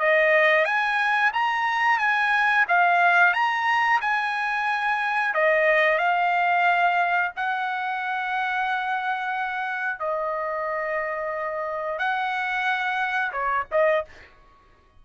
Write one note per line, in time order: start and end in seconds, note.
0.00 0.65 D#5
0.65 1.32 G#5
1.33 1.99 A#5
1.99 2.66 G#5
2.69 3.34 F5
3.34 4.01 A#5
4.02 5.35 G#5
5.35 5.98 D#5
5.98 7.32 F5
7.37 10.00 F#5
10.00 11.99 D#5
11.99 13.32 F#5
13.33 13.66 C#5
13.72 14.05 D#5